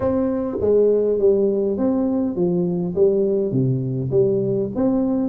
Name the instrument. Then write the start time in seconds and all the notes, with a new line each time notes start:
tuba
0.00 C4
0.60 G#3
1.18 G3
1.77 C4
2.35 F3
2.95 G3
3.51 C3
4.10 G3
4.75 C4